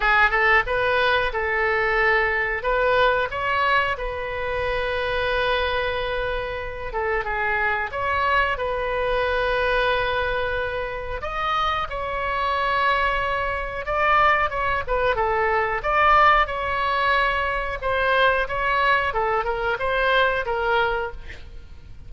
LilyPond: \new Staff \with { instrumentName = "oboe" } { \time 4/4 \tempo 4 = 91 gis'8 a'8 b'4 a'2 | b'4 cis''4 b'2~ | b'2~ b'8 a'8 gis'4 | cis''4 b'2.~ |
b'4 dis''4 cis''2~ | cis''4 d''4 cis''8 b'8 a'4 | d''4 cis''2 c''4 | cis''4 a'8 ais'8 c''4 ais'4 | }